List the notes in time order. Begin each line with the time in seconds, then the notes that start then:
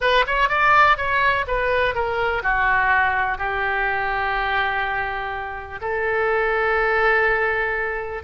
0.00 B4
0.26 C#5
0.48 D5
0.97 C#5
1.47 B4
1.94 A#4
2.42 F#4
3.38 G4
5.81 A4